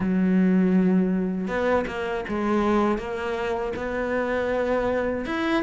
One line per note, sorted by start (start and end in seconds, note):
0.00 1.47 F#3
1.47 1.85 B3
1.87 2.24 A#3
2.28 2.98 G#3
2.98 3.73 A#3
3.75 5.25 B3
5.25 5.62 E4